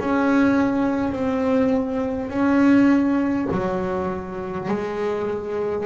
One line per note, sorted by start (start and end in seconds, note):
0.00 1.13 C#4
1.13 2.30 C4
2.30 3.48 C#4
3.51 4.68 F#3
4.68 5.86 G#3